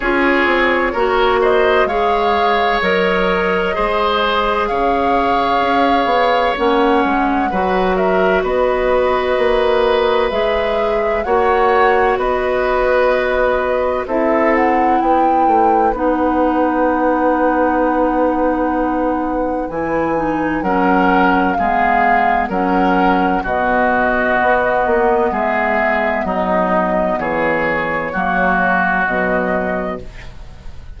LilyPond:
<<
  \new Staff \with { instrumentName = "flute" } { \time 4/4 \tempo 4 = 64 cis''4. dis''8 f''4 dis''4~ | dis''4 f''2 fis''4~ | fis''8 e''8 dis''2 e''4 | fis''4 dis''2 e''8 fis''8 |
g''4 fis''2.~ | fis''4 gis''4 fis''4 f''4 | fis''4 dis''2 e''4 | dis''4 cis''2 dis''4 | }
  \new Staff \with { instrumentName = "oboe" } { \time 4/4 gis'4 ais'8 c''8 cis''2 | c''4 cis''2. | b'8 ais'8 b'2. | cis''4 b'2 a'4 |
b'1~ | b'2 ais'4 gis'4 | ais'4 fis'2 gis'4 | dis'4 gis'4 fis'2 | }
  \new Staff \with { instrumentName = "clarinet" } { \time 4/4 f'4 fis'4 gis'4 ais'4 | gis'2. cis'4 | fis'2. gis'4 | fis'2. e'4~ |
e'4 dis'2.~ | dis'4 e'8 dis'8 cis'4 b4 | cis'4 b2.~ | b2 ais4 fis4 | }
  \new Staff \with { instrumentName = "bassoon" } { \time 4/4 cis'8 c'8 ais4 gis4 fis4 | gis4 cis4 cis'8 b8 ais8 gis8 | fis4 b4 ais4 gis4 | ais4 b2 c'4 |
b8 a8 b2.~ | b4 e4 fis4 gis4 | fis4 b,4 b8 ais8 gis4 | fis4 e4 fis4 b,4 | }
>>